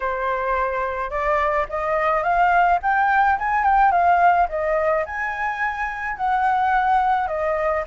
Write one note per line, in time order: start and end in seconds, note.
0.00 1.10 C5
1.10 1.66 D5
1.69 2.23 D#5
2.23 2.79 F5
2.82 3.38 G5
3.38 3.63 G#5
3.63 3.91 G5
3.91 4.47 F5
4.49 5.05 D#5
5.05 6.17 G#5
6.17 7.27 F#5
7.27 7.83 D#5